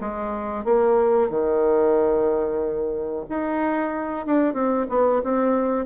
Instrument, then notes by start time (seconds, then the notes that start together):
bassoon
0.00 G#3
0.64 A#3
1.30 D#3
3.29 D#4
4.26 D4
4.54 C4
4.89 B3
5.23 C4